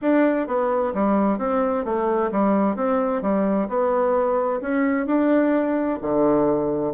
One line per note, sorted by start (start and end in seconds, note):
0.01 0.47 D4
0.47 0.93 B3
0.94 1.38 G3
1.38 1.84 C4
1.84 2.31 A3
2.31 2.76 G3
2.76 3.22 C4
3.22 3.68 G3
3.68 4.60 B3
4.61 5.06 C#4
5.06 5.98 D4
6.01 6.93 D3